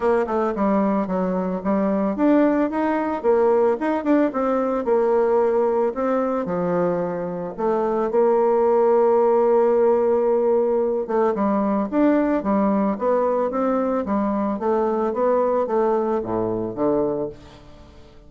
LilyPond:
\new Staff \with { instrumentName = "bassoon" } { \time 4/4 \tempo 4 = 111 ais8 a8 g4 fis4 g4 | d'4 dis'4 ais4 dis'8 d'8 | c'4 ais2 c'4 | f2 a4 ais4~ |
ais1~ | ais8 a8 g4 d'4 g4 | b4 c'4 g4 a4 | b4 a4 a,4 d4 | }